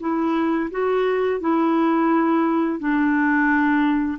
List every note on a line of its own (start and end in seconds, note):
0.00 0.70 E4
0.71 1.40 F#4
1.40 2.79 E4
2.79 4.18 D4